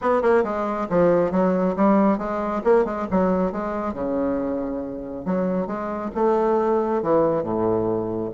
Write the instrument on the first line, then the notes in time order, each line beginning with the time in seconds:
bassoon
0.01 B3
0.21 A#3
0.44 G#3
0.89 F3
1.31 F#3
1.76 G3
2.18 G#3
2.64 A#3
2.85 G#3
3.10 F#3
3.52 G#3
3.93 C#3
5.25 F#3
5.66 G#3
6.14 A3
7.02 E3
7.43 A2